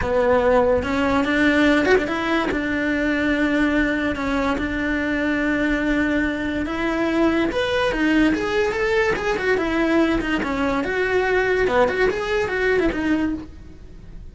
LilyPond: \new Staff \with { instrumentName = "cello" } { \time 4/4 \tempo 4 = 144 b2 cis'4 d'4~ | d'8 fis'16 d'16 e'4 d'2~ | d'2 cis'4 d'4~ | d'1 |
e'2 b'4 dis'4 | gis'4 a'4 gis'8 fis'8 e'4~ | e'8 dis'8 cis'4 fis'2 | b8 fis'8 gis'4 fis'8. e'16 dis'4 | }